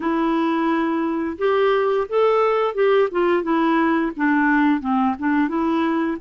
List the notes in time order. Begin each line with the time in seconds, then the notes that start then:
0.00 E4
1.38 G4
2.08 A4
2.74 G4
3.11 F4
3.42 E4
4.16 D4
4.80 C4
5.18 D4
5.48 E4